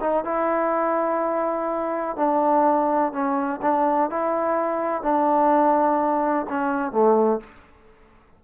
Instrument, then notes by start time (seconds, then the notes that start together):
trombone
0.00 D#4
0.24 E4
2.16 D4
3.12 C#4
3.62 D4
4.10 E4
5.02 D4
6.49 C#4
6.92 A3